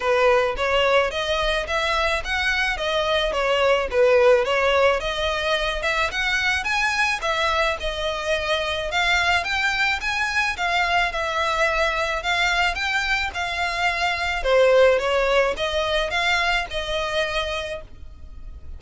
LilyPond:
\new Staff \with { instrumentName = "violin" } { \time 4/4 \tempo 4 = 108 b'4 cis''4 dis''4 e''4 | fis''4 dis''4 cis''4 b'4 | cis''4 dis''4. e''8 fis''4 | gis''4 e''4 dis''2 |
f''4 g''4 gis''4 f''4 | e''2 f''4 g''4 | f''2 c''4 cis''4 | dis''4 f''4 dis''2 | }